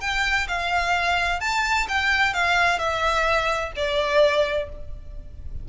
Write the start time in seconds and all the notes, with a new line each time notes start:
0.00 G5
0.48 F5
1.40 A5
1.88 G5
2.33 F5
2.79 E5
3.76 D5